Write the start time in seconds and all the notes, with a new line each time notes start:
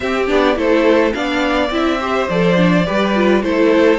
0.00 C4 G4 E5
0.27 B3 D4 D5
0.55 A3 E4 A4 C5
1.13 B3 D4 D5 F5
1.70 C4 E4 E5
2.00 G4 C5
2.29 F3 A4 D5
2.56 D4
2.86 G3 G4 B4
3.15 F4
3.42 A3 E4 A4 C5